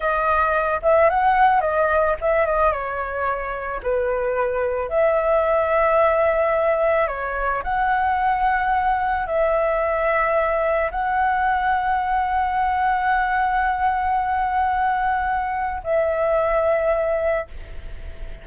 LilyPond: \new Staff \with { instrumentName = "flute" } { \time 4/4 \tempo 4 = 110 dis''4. e''8 fis''4 dis''4 | e''8 dis''8 cis''2 b'4~ | b'4 e''2.~ | e''4 cis''4 fis''2~ |
fis''4 e''2. | fis''1~ | fis''1~ | fis''4 e''2. | }